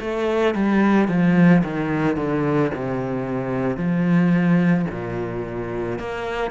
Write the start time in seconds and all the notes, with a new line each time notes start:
0.00 A3
0.54 G3
1.08 F3
1.63 D#3
2.16 D3
2.74 C3
3.76 F3
4.90 A#2
5.99 A#3